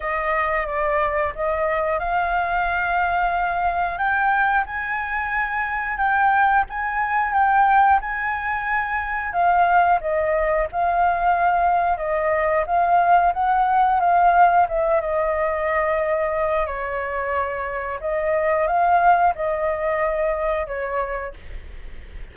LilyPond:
\new Staff \with { instrumentName = "flute" } { \time 4/4 \tempo 4 = 90 dis''4 d''4 dis''4 f''4~ | f''2 g''4 gis''4~ | gis''4 g''4 gis''4 g''4 | gis''2 f''4 dis''4 |
f''2 dis''4 f''4 | fis''4 f''4 e''8 dis''4.~ | dis''4 cis''2 dis''4 | f''4 dis''2 cis''4 | }